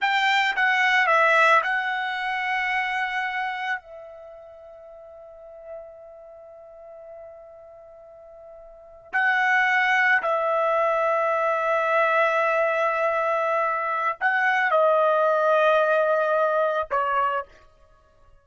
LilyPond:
\new Staff \with { instrumentName = "trumpet" } { \time 4/4 \tempo 4 = 110 g''4 fis''4 e''4 fis''4~ | fis''2. e''4~ | e''1~ | e''1~ |
e''8. fis''2 e''4~ e''16~ | e''1~ | e''2 fis''4 dis''4~ | dis''2. cis''4 | }